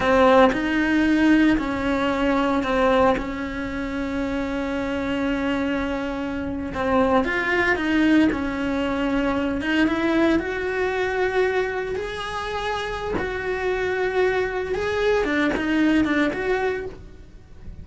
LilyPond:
\new Staff \with { instrumentName = "cello" } { \time 4/4 \tempo 4 = 114 c'4 dis'2 cis'4~ | cis'4 c'4 cis'2~ | cis'1~ | cis'8. c'4 f'4 dis'4 cis'16~ |
cis'2~ cis'16 dis'8 e'4 fis'16~ | fis'2~ fis'8. gis'4~ gis'16~ | gis'4 fis'2. | gis'4 d'8 dis'4 d'8 fis'4 | }